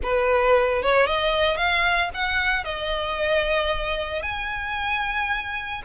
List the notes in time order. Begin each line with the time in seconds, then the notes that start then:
0.02 B4
0.82 C#5
1.06 D#5
1.57 F5
2.14 F#5
2.64 D#5
4.22 G#5